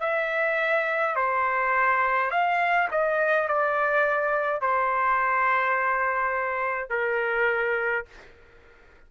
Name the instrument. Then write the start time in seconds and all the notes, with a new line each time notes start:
trumpet
0.00 E5
1.16 C5
2.31 F5
2.91 D#5
3.48 D5
4.62 C5
6.90 A#4